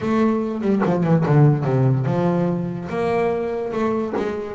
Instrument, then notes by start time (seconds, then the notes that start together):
double bass
0.01 A3
0.61 G3
0.85 F3
1.03 E3
1.25 D3
1.64 C3
2.05 F3
2.89 A#3
3.72 A3
4.16 G#3